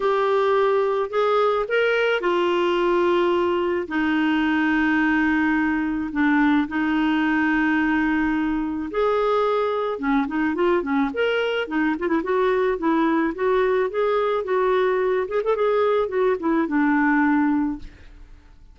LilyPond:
\new Staff \with { instrumentName = "clarinet" } { \time 4/4 \tempo 4 = 108 g'2 gis'4 ais'4 | f'2. dis'4~ | dis'2. d'4 | dis'1 |
gis'2 cis'8 dis'8 f'8 cis'8 | ais'4 dis'8 f'16 e'16 fis'4 e'4 | fis'4 gis'4 fis'4. gis'16 a'16 | gis'4 fis'8 e'8 d'2 | }